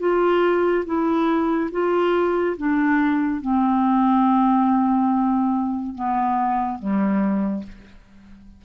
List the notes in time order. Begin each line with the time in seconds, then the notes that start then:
0.00 F4
0.86 E4
1.72 F4
2.57 D4
3.41 C4
5.95 B3
6.79 G3